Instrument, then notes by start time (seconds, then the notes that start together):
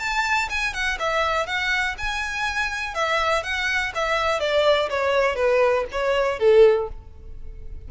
violin
0.00 A5
0.50 G#5
0.74 F#5
0.99 E5
1.47 F#5
1.98 G#5
2.95 E5
3.43 F#5
3.95 E5
4.40 D5
4.90 C#5
5.36 B4
5.92 C#5
6.40 A4